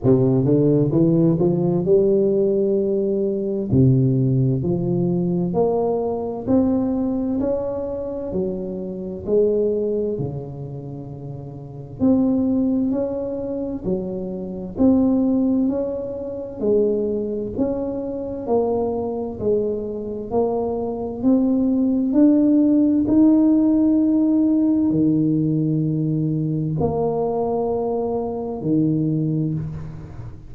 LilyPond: \new Staff \with { instrumentName = "tuba" } { \time 4/4 \tempo 4 = 65 c8 d8 e8 f8 g2 | c4 f4 ais4 c'4 | cis'4 fis4 gis4 cis4~ | cis4 c'4 cis'4 fis4 |
c'4 cis'4 gis4 cis'4 | ais4 gis4 ais4 c'4 | d'4 dis'2 dis4~ | dis4 ais2 dis4 | }